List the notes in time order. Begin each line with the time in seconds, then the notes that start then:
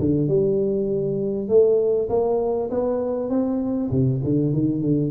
0.00 D3
0.28 G3
1.49 A3
2.10 A#3
2.71 B3
3.30 C4
3.91 C3
4.24 D3
4.54 D#3
4.82 D3